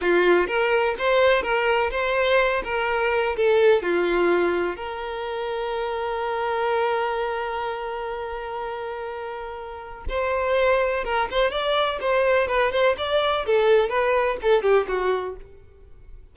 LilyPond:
\new Staff \with { instrumentName = "violin" } { \time 4/4 \tempo 4 = 125 f'4 ais'4 c''4 ais'4 | c''4. ais'4. a'4 | f'2 ais'2~ | ais'1~ |
ais'1~ | ais'4 c''2 ais'8 c''8 | d''4 c''4 b'8 c''8 d''4 | a'4 b'4 a'8 g'8 fis'4 | }